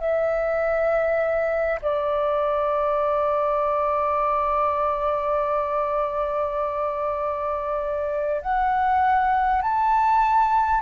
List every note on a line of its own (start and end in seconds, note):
0.00 1.80 E5
1.82 8.42 D5
8.42 9.62 F#5
9.62 10.82 A5